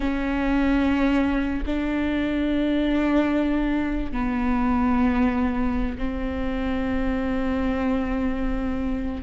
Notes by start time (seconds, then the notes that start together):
0.00 C#4
1.66 D4
4.11 B3
5.97 C4